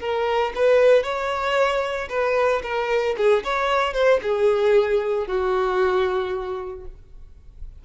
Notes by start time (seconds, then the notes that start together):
0.00 A#4
0.55 B4
1.03 C#5
2.09 B4
2.63 A#4
3.17 G#4
3.44 C#5
3.94 C5
4.22 G#4
5.27 F#4